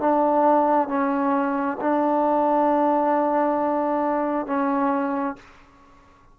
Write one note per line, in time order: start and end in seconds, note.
0.00 0.88 D4
0.88 1.77 C#4
1.81 4.47 D4
4.47 5.36 C#4